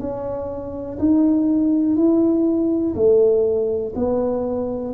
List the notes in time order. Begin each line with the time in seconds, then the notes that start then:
0.00 C#4
0.99 D#4
1.96 E4
2.95 A3
3.95 B3